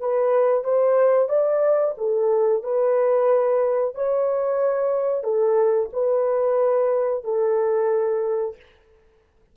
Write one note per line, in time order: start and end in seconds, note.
0.00 0.64 B4
0.64 1.29 C5
1.29 1.95 D5
1.98 2.63 A4
2.63 3.95 B4
3.95 5.24 C#5
5.24 5.90 A4
5.93 7.24 B4
7.24 8.56 A4